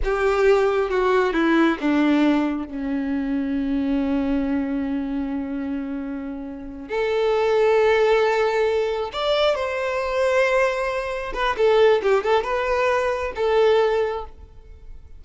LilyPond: \new Staff \with { instrumentName = "violin" } { \time 4/4 \tempo 4 = 135 g'2 fis'4 e'4 | d'2 cis'2~ | cis'1~ | cis'2.~ cis'8 a'8~ |
a'1~ | a'8 d''4 c''2~ c''8~ | c''4. b'8 a'4 g'8 a'8 | b'2 a'2 | }